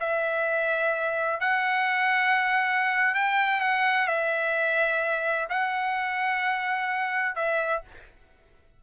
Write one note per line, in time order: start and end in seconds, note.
0.00 1.40 E5
1.40 3.15 F#5
3.15 3.61 G5
3.61 4.08 F#5
4.08 5.48 E5
5.50 7.36 F#5
7.36 7.82 E5